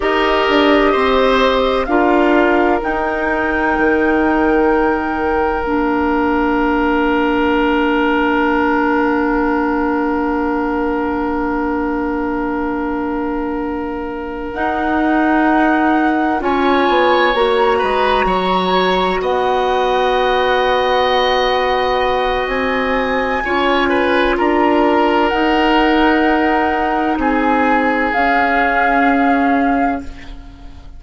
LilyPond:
<<
  \new Staff \with { instrumentName = "flute" } { \time 4/4 \tempo 4 = 64 dis''2 f''4 g''4~ | g''2 f''2~ | f''1~ | f''2.~ f''8 fis''8~ |
fis''4. gis''4 ais''4.~ | ais''8 fis''2.~ fis''8 | gis''2 ais''4 fis''4~ | fis''4 gis''4 f''2 | }
  \new Staff \with { instrumentName = "oboe" } { \time 4/4 ais'4 c''4 ais'2~ | ais'1~ | ais'1~ | ais'1~ |
ais'4. cis''4. b'8 cis''8~ | cis''8 dis''2.~ dis''8~ | dis''4 cis''8 b'8 ais'2~ | ais'4 gis'2. | }
  \new Staff \with { instrumentName = "clarinet" } { \time 4/4 g'2 f'4 dis'4~ | dis'2 d'2~ | d'1~ | d'2.~ d'8 dis'8~ |
dis'4. f'4 fis'4.~ | fis'1~ | fis'4 f'2 dis'4~ | dis'2 cis'2 | }
  \new Staff \with { instrumentName = "bassoon" } { \time 4/4 dis'8 d'8 c'4 d'4 dis'4 | dis2 ais2~ | ais1~ | ais2.~ ais8 dis'8~ |
dis'4. cis'8 b8 ais8 gis8 fis8~ | fis8 b2.~ b8 | c'4 cis'4 d'4 dis'4~ | dis'4 c'4 cis'2 | }
>>